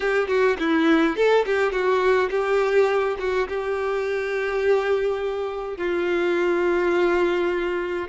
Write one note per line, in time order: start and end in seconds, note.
0.00 0.27 G4
0.27 0.56 F#4
0.59 1.16 E4
1.16 1.45 A4
1.45 1.72 G4
1.72 2.29 F#4
2.30 3.16 G4
3.19 3.48 F#4
3.48 5.77 G4
5.77 8.08 F4